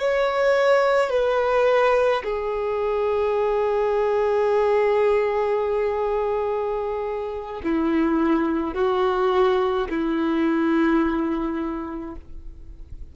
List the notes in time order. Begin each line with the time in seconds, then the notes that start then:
0.00 C#5
1.10 B4
2.24 G#4
7.64 E4
8.74 F#4
9.90 E4